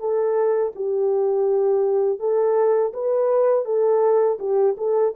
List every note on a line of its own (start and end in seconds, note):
0.00 0.73 A4
0.76 2.20 G4
2.20 2.93 A4
2.94 3.66 B4
3.66 4.39 A4
4.39 4.76 G4
4.78 5.15 A4